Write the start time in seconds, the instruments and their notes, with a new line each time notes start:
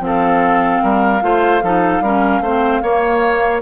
0.00 bassoon F3, clarinet C4, oboe A4, flute F5
0.83 bassoon G3, oboe A#4
1.21 bassoon A3, clarinet F4, oboe C5
1.63 bassoon F3, clarinet D#4, oboe A4
2.01 bassoon G3, clarinet C#4, oboe A#4
2.41 bassoon A3, clarinet C4, oboe C5
2.83 bassoon A#3, clarinet A#3, oboe C#5